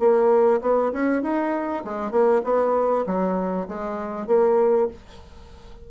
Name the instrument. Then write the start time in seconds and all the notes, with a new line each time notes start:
bassoon
0.00 A#3
0.62 B3
0.93 C#4
1.23 D#4
1.85 G#3
2.12 A#3
2.44 B3
3.07 F#3
3.68 G#3
4.27 A#3